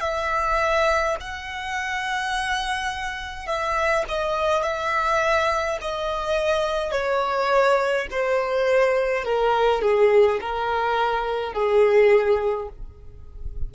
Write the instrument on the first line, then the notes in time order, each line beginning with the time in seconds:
violin
0.00 E5
1.20 F#5
3.46 E5
4.08 D#5
4.63 E5
5.81 D#5
6.91 C#5
8.10 C5
9.24 A#4
9.81 G#4
10.40 A#4
11.53 G#4